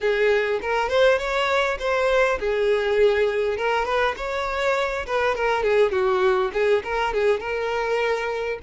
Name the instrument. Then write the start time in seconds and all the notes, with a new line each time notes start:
violin
0.00 G#4
0.61 A#4
0.89 C5
1.18 C#5
1.79 C5
2.39 G#4
3.57 A#4
3.85 B4
4.17 C#5
5.06 B4
5.35 A#4
5.63 G#4
5.91 F#4
6.53 G#4
6.83 A#4
7.13 G#4
7.40 A#4